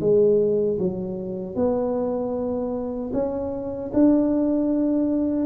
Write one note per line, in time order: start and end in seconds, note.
0.00 0.78 G#3
0.79 1.55 F#3
1.55 3.11 B3
3.13 3.91 C#4
3.94 5.46 D4